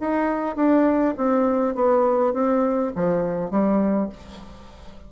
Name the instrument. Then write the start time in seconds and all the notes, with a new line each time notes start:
bassoon
0.00 D#4
0.56 D4
1.17 C4
1.75 B3
2.33 C4
2.95 F3
3.51 G3